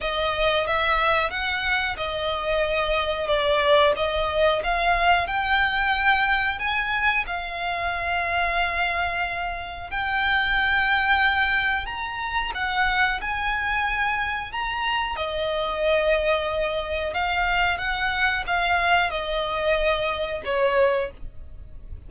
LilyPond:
\new Staff \with { instrumentName = "violin" } { \time 4/4 \tempo 4 = 91 dis''4 e''4 fis''4 dis''4~ | dis''4 d''4 dis''4 f''4 | g''2 gis''4 f''4~ | f''2. g''4~ |
g''2 ais''4 fis''4 | gis''2 ais''4 dis''4~ | dis''2 f''4 fis''4 | f''4 dis''2 cis''4 | }